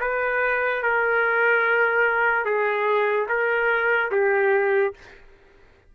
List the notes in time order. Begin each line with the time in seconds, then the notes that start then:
0.00 B4
0.82 A#4
2.45 G#4
3.28 A#4
4.11 G4